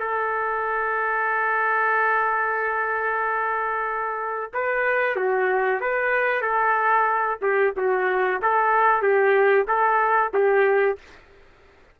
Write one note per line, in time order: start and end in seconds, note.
0.00 4.52 A4
4.54 5.17 B4
5.17 5.81 F#4
5.81 6.42 B4
6.42 7.39 A4
7.42 7.74 G4
7.77 8.42 F#4
8.43 9.02 A4
9.02 9.67 G4
9.68 10.33 A4
10.34 10.99 G4